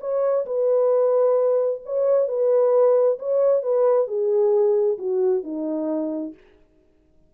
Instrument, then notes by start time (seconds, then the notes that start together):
horn
0.00 C#5
0.46 B4
1.85 C#5
2.28 B4
3.19 C#5
3.62 B4
4.07 G#4
4.98 F#4
5.43 D#4